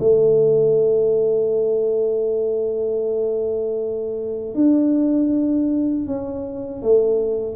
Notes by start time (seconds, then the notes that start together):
0.00 A3
4.55 D4
6.07 C#4
6.83 A3